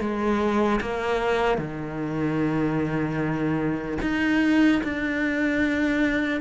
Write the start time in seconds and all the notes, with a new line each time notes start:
0.00 G#3
0.81 A#3
1.58 D#3
4.02 D#4
4.83 D4